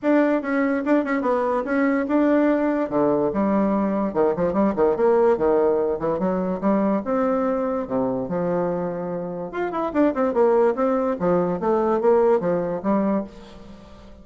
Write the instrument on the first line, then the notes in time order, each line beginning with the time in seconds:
bassoon
0.02 D4
0.42 C#4
0.85 D4
1.04 C#4
1.21 B3
1.64 C#4
2.08 D4
2.89 D3
3.33 G3
4.13 D#3
4.35 F3
4.53 G3
4.75 D#3
4.96 A#3
5.37 D#3
5.99 E3
6.19 F#3
6.60 G3
7.05 C4
7.87 C3
8.28 F3
9.51 F4
9.71 E4
9.93 D4
10.14 C4
10.33 A#3
10.75 C4
11.19 F3
11.60 A3
12.00 A#3
12.40 F3
12.82 G3